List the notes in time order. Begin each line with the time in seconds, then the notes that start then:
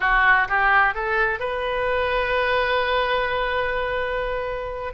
0.00 F#4
0.48 G4
0.94 A4
1.39 B4